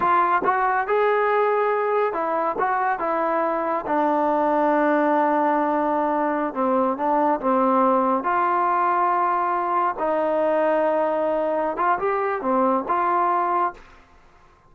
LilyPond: \new Staff \with { instrumentName = "trombone" } { \time 4/4 \tempo 4 = 140 f'4 fis'4 gis'2~ | gis'4 e'4 fis'4 e'4~ | e'4 d'2.~ | d'2.~ d'16 c'8.~ |
c'16 d'4 c'2 f'8.~ | f'2.~ f'16 dis'8.~ | dis'2.~ dis'8 f'8 | g'4 c'4 f'2 | }